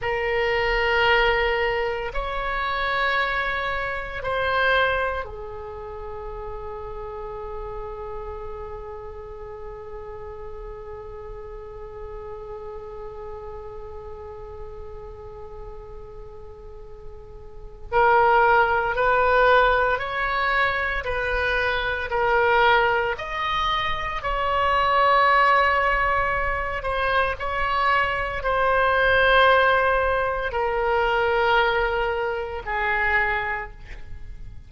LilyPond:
\new Staff \with { instrumentName = "oboe" } { \time 4/4 \tempo 4 = 57 ais'2 cis''2 | c''4 gis'2.~ | gis'1~ | gis'1~ |
gis'4 ais'4 b'4 cis''4 | b'4 ais'4 dis''4 cis''4~ | cis''4. c''8 cis''4 c''4~ | c''4 ais'2 gis'4 | }